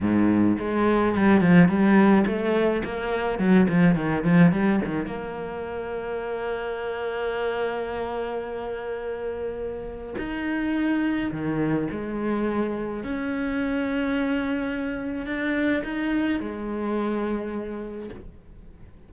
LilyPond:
\new Staff \with { instrumentName = "cello" } { \time 4/4 \tempo 4 = 106 gis,4 gis4 g8 f8 g4 | a4 ais4 fis8 f8 dis8 f8 | g8 dis8 ais2.~ | ais1~ |
ais2 dis'2 | dis4 gis2 cis'4~ | cis'2. d'4 | dis'4 gis2. | }